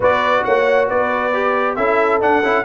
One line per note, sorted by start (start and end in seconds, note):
0.00 0.43 B3
0.00 1.33 F#4
0.00 0.43 B4
0.00 0.44 D5
0.44 0.89 A#3
0.44 0.88 C#5
0.44 0.88 F#5
0.88 1.77 B3
0.88 1.76 B4
0.88 1.75 D5
1.33 1.77 G4
1.75 2.21 C#4
1.75 2.21 E4
1.75 2.64 A4
1.75 2.19 E5
2.21 2.43 D4
2.21 2.42 D4
2.21 2.64 F#5
2.42 2.64 C#4
2.42 2.64 E4